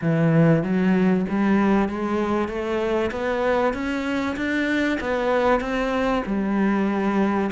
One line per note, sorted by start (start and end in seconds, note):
0.01 0.63 E3
0.63 1.25 F#3
1.29 1.89 G3
1.89 2.48 G#3
2.48 3.11 A3
3.11 3.73 B3
3.73 4.36 C#4
4.36 4.98 D4
5.00 5.60 B3
5.60 6.22 C4
6.26 7.51 G3